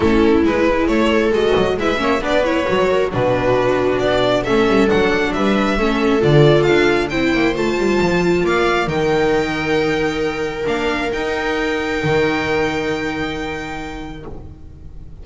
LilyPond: <<
  \new Staff \with { instrumentName = "violin" } { \time 4/4 \tempo 4 = 135 a'4 b'4 cis''4 dis''4 | e''4 d''8 cis''4. b'4~ | b'4 d''4 e''4 fis''4 | e''2 d''4 f''4 |
g''4 a''2 f''4 | g''1 | f''4 g''2.~ | g''1 | }
  \new Staff \with { instrumentName = "viola" } { \time 4/4 e'2 a'2 | b'8 cis''8 b'4. ais'8 fis'4~ | fis'2 a'2 | b'4 a'2. |
c''2. d''4 | ais'1~ | ais'1~ | ais'1 | }
  \new Staff \with { instrumentName = "viola" } { \time 4/4 cis'4 e'2 fis'4 | e'8 cis'8 d'8 e'8 fis'4 d'4~ | d'2 cis'4 d'4~ | d'4 cis'4 f'2 |
e'4 f'2. | dis'1 | d'4 dis'2.~ | dis'1 | }
  \new Staff \with { instrumentName = "double bass" } { \time 4/4 a4 gis4 a4 gis8 fis8 | gis8 ais8 b4 fis4 b,4~ | b,4 b4 a8 g8 fis4 | g4 a4 d4 d'4 |
c'8 ais8 a8 g8 f4 ais4 | dis1 | ais4 dis'2 dis4~ | dis1 | }
>>